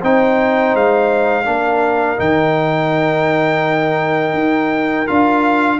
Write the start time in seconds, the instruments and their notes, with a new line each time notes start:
0.00 tuba C4, trombone D#4, horn C5, trumpet G5
0.74 tuba G#3, trumpet F5
1.44 tuba A#3, trombone D4, horn A#4
2.16 tuba D#3, trombone D#4, trumpet G5
4.33 tuba D#4
5.06 tuba D4, trombone F4, trumpet F5